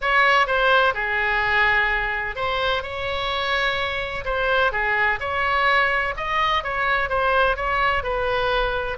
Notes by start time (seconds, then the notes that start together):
0.01 C#5
0.47 C5
0.94 G#4
2.35 C5
2.82 C#5
4.25 C5
4.71 G#4
5.20 C#5
6.16 D#5
6.63 C#5
7.09 C5
7.56 C#5
8.03 B4